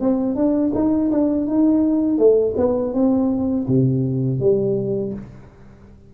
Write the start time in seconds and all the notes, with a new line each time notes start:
0.00 C4
0.35 D4
0.74 D#4
1.11 D4
1.47 D#4
2.18 A3
2.56 B3
2.93 C4
3.68 C3
4.39 G3